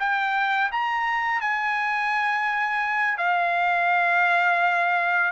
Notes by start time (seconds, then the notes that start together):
0.00 G5
0.72 A#5
1.41 G#5
3.18 F5